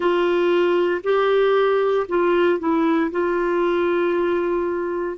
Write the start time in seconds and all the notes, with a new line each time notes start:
0.00 F4
1.03 G4
2.08 F4
2.59 E4
3.11 F4